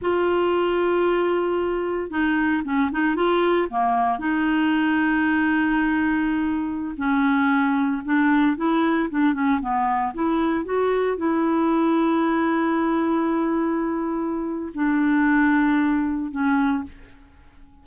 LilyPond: \new Staff \with { instrumentName = "clarinet" } { \time 4/4 \tempo 4 = 114 f'1 | dis'4 cis'8 dis'8 f'4 ais4 | dis'1~ | dis'4~ dis'16 cis'2 d'8.~ |
d'16 e'4 d'8 cis'8 b4 e'8.~ | e'16 fis'4 e'2~ e'8.~ | e'1 | d'2. cis'4 | }